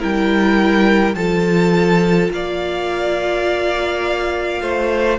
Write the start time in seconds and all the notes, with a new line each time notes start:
0.00 G3 E4 A#4 G5
1.15 F3 F4 A4 A5
2.31 A#3 D5 F5
4.62 A3 C5